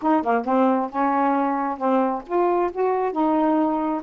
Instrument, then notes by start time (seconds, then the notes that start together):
saxophone
0.02 D#4
0.22 A#3
0.45 C4
0.90 C#4
1.77 C4
2.26 F4
2.72 F#4
3.12 D#4